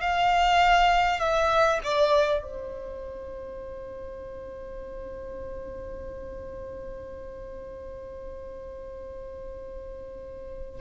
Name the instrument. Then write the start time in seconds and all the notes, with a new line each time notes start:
violin
0.00 F5
1.19 E5
1.83 D5
2.42 C5